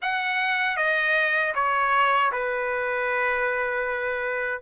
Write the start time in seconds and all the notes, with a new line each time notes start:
0.01 F#5
0.77 D#5
1.54 C#5
2.32 B4